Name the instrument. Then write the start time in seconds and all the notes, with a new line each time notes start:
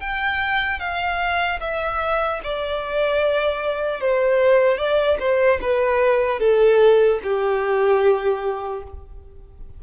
violin
0.00 G5
0.80 F5
1.60 E5
2.44 D5
4.00 C5
4.77 D5
5.20 C5
5.61 B4
6.40 A4
7.23 G4